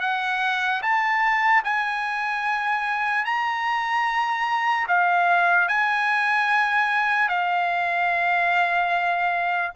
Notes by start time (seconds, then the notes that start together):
0.00 F#5
0.82 A5
1.64 G#5
3.25 A#5
4.88 F5
5.68 G#5
7.29 F5